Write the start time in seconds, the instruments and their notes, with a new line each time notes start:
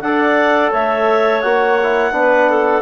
0.00 bassoon D4, trombone A4, clarinet D5 F#5
0.70 bassoon A3, clarinet C#5 E5
1.41 bassoon A#3, trombone F#4, clarinet F#5
1.82 trombone E4
2.11 bassoon B3, trombone D4
2.17 clarinet B4
2.50 clarinet A4